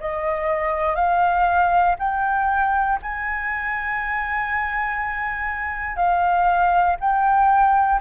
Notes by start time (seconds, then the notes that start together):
0.00 D#5
0.95 F5
1.99 G5
3.02 G#5
5.96 F5
7.00 G5